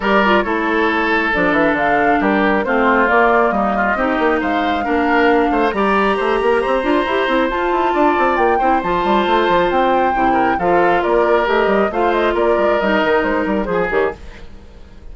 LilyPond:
<<
  \new Staff \with { instrumentName = "flute" } { \time 4/4 \tempo 4 = 136 d''4 cis''2 d''8 e''8 | f''4 ais'4 c''4 d''4 | dis''2 f''2~ | f''4 ais''2.~ |
ais''4 a''2 g''4 | a''2 g''2 | f''4 d''4 dis''4 f''8 dis''8 | d''4 dis''4 c''8 ais'8 c''8 cis''8 | }
  \new Staff \with { instrumentName = "oboe" } { \time 4/4 ais'4 a'2.~ | a'4 g'4 f'2 | dis'8 f'8 g'4 c''4 ais'4~ | ais'8 c''8 d''4 c''8 ais'8 c''4~ |
c''2 d''4. c''8~ | c''2.~ c''8 ais'8 | a'4 ais'2 c''4 | ais'2. gis'4 | }
  \new Staff \with { instrumentName = "clarinet" } { \time 4/4 g'8 f'8 e'2 d'4~ | d'2 c'4 ais4~ | ais4 dis'2 d'4~ | d'4 g'2~ g'8 f'8 |
g'8 e'8 f'2~ f'8 e'8 | f'2. e'4 | f'2 g'4 f'4~ | f'4 dis'2 gis'8 g'8 | }
  \new Staff \with { instrumentName = "bassoon" } { \time 4/4 g4 a2 f8 e8 | d4 g4 a4 ais4 | g4 c'8 ais8 gis4 ais4~ | ais8 a8 g4 a8 ais8 c'8 d'8 |
e'8 c'8 f'8 e'8 d'8 c'8 ais8 c'8 | f8 g8 a8 f8 c'4 c4 | f4 ais4 a8 g8 a4 | ais8 gis8 g8 dis8 gis8 g8 f8 dis8 | }
>>